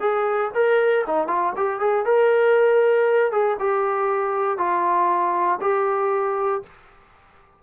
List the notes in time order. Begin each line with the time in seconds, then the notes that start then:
0.00 G#4
0.54 A#4
1.06 D#4
1.27 F4
1.56 G4
1.80 G#4
2.05 A#4
3.32 G#4
3.59 G4
4.58 F4
5.61 G4